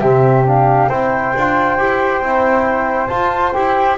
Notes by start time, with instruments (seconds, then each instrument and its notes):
0.00 double bass C3, trombone C4, flute G4 E5
0.45 trombone D4, flute F5
0.88 double bass C4, trombone E4, flute C5 G5
1.35 double bass D4, trombone F4
1.78 double bass E4, trombone G4
2.21 double bass C4, trombone E4
3.07 trombone F4, double bass F4, flute A5
3.53 double bass E4, trombone G4, flute G5